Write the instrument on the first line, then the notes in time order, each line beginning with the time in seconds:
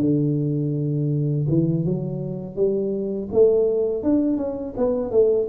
tuba
0.00 D3
1.48 E3
1.85 F#3
2.55 G3
3.32 A3
4.03 D4
4.37 C#4
4.77 B3
5.11 A3